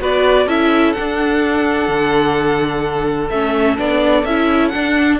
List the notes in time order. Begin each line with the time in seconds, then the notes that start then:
0.00 B3 F#4 B4 D5
0.46 C#4 E4 A4 E5
0.92 D4 F#5
0.98 D4
1.88 D3
3.30 A3 C#4 E5
3.77 B3 D4 D5
4.24 C#4 E4 E5
4.69 D4 F#5
4.75 D4